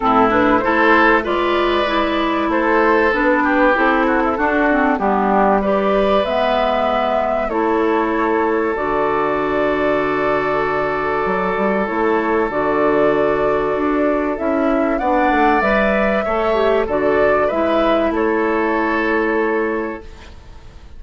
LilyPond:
<<
  \new Staff \with { instrumentName = "flute" } { \time 4/4 \tempo 4 = 96 a'8 b'8 c''4 d''2 | c''4 b'4 a'2 | g'4 d''4 e''2 | cis''2 d''2~ |
d''2. cis''4 | d''2. e''4 | fis''4 e''2 d''4 | e''4 cis''2. | }
  \new Staff \with { instrumentName = "oboe" } { \time 4/4 e'4 a'4 b'2 | a'4. g'4 fis'16 e'16 fis'4 | d'4 b'2. | a'1~ |
a'1~ | a'1 | d''2 cis''4 a'4 | b'4 a'2. | }
  \new Staff \with { instrumentName = "clarinet" } { \time 4/4 c'8 d'8 e'4 f'4 e'4~ | e'4 d'4 e'4 d'8 c'8 | b4 g'4 b2 | e'2 fis'2~ |
fis'2. e'4 | fis'2. e'4 | d'4 b'4 a'8 g'8 fis'4 | e'1 | }
  \new Staff \with { instrumentName = "bassoon" } { \time 4/4 a,4 a4 gis2 | a4 b4 c'4 d'4 | g2 gis2 | a2 d2~ |
d2 fis8 g8 a4 | d2 d'4 cis'4 | b8 a8 g4 a4 d4 | gis4 a2. | }
>>